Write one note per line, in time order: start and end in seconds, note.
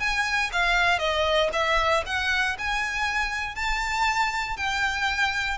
0.00 0.51 G#5
0.53 0.99 F5
0.99 1.50 D#5
1.53 2.04 E5
2.06 2.57 F#5
2.59 3.55 G#5
3.55 4.57 A5
4.57 5.58 G5